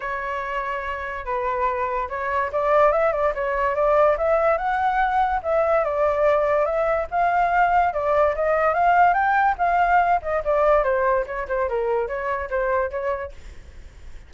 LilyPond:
\new Staff \with { instrumentName = "flute" } { \time 4/4 \tempo 4 = 144 cis''2. b'4~ | b'4 cis''4 d''4 e''8 d''8 | cis''4 d''4 e''4 fis''4~ | fis''4 e''4 d''2 |
e''4 f''2 d''4 | dis''4 f''4 g''4 f''4~ | f''8 dis''8 d''4 c''4 cis''8 c''8 | ais'4 cis''4 c''4 cis''4 | }